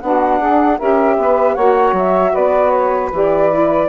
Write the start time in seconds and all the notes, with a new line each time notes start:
0.00 B3 D4 F#4 F#5
0.39 D4 G#4
0.77 C#4 G4 A#4 E5
1.17 B3 B4
1.54 A#3 F#4 C#5 F#5
1.92 F#3 E5
2.33 B3 B4 D5
2.70 C#5
3.12 E3 G4 D5
3.51 E4